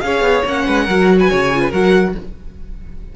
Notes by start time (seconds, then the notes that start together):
0.00 C#4 G#4 C#5 F5
0.20 B3
0.45 A#3 C#4 F#5
0.67 G#3 B4
0.84 F#3 F#4 A#4
1.18 B4 G#5
1.30 C#3 C#5
1.54 F4
1.61 B4
1.70 F#3 F#4 A#4 F#5